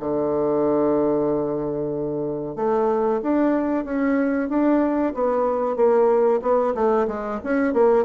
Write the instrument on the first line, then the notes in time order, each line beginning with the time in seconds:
bassoon
0.00 D3
2.56 A3
3.23 D4
3.85 C#4
4.49 D4
5.14 B3
5.76 A#3
6.42 B3
6.75 A3
7.08 G#3
7.44 C#4
7.73 A#3